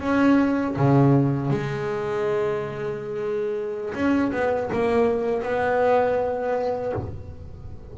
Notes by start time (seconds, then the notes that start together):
0.00 C#4
0.76 C#3
1.50 G#3
3.94 C#4
4.32 B3
4.72 A#3
5.42 B3